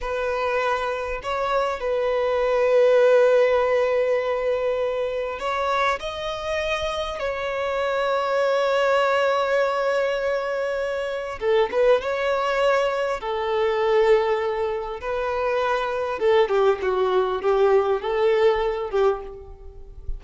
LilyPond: \new Staff \with { instrumentName = "violin" } { \time 4/4 \tempo 4 = 100 b'2 cis''4 b'4~ | b'1~ | b'4 cis''4 dis''2 | cis''1~ |
cis''2. a'8 b'8 | cis''2 a'2~ | a'4 b'2 a'8 g'8 | fis'4 g'4 a'4. g'8 | }